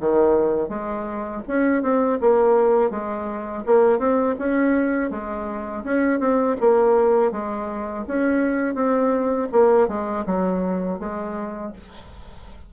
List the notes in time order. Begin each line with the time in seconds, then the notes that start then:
0.00 D#3
0.69 G#3
1.48 C#4
1.83 C4
2.21 A#3
2.90 G#3
3.66 A#3
3.99 C4
4.39 C#4
5.11 G#3
5.84 C#4
6.20 C4
6.61 A#3
7.32 G#3
8.08 C#4
8.75 C4
9.52 A#3
9.88 G#3
10.26 F#3
10.99 G#3